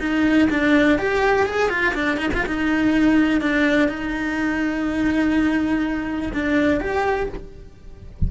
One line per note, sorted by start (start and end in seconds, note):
0.00 0.49 D#4
0.50 0.99 D4
0.99 1.46 G4
1.46 1.70 G#4
1.70 1.94 F4
1.95 2.18 D4
2.18 2.30 D#4
2.34 2.46 F4
2.46 3.41 D#4
3.41 3.89 D4
3.89 6.33 D#4
6.33 6.81 D4
6.81 7.30 G4